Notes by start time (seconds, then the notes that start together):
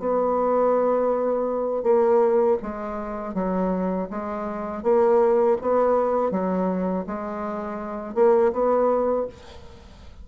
0.00 B3
1.84 A#3
2.63 G#3
3.35 F#3
4.10 G#3
4.84 A#3
5.62 B3
6.31 F#3
7.07 G#3
8.15 A#3
8.53 B3